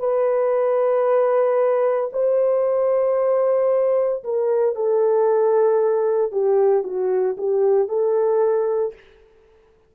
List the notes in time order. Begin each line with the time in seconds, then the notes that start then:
0.00 B4
2.13 C5
4.24 A#4
4.76 A4
6.32 G4
6.84 F#4
7.38 G4
7.89 A4